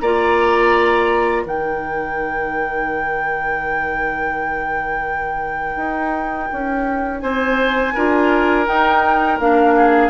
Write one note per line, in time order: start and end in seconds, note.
0.00 1.45 A#3
0.00 1.45 F4
0.00 1.43 D5
0.00 1.45 A#5
1.43 5.76 D#3
1.43 7.96 D#4
1.43 7.21 A#4
1.43 7.20 G5
5.76 6.48 D#4
6.52 7.22 C#4
7.20 7.95 C4
7.20 7.94 C5
7.20 8.65 G#5
7.94 8.67 D4
7.94 8.65 F4
7.94 9.75 A#4
8.65 9.38 D#4
8.65 9.39 D#4
8.65 9.39 G5
9.39 10.09 A#3
9.39 10.09 D4
9.39 10.09 F5
9.76 10.09 G#4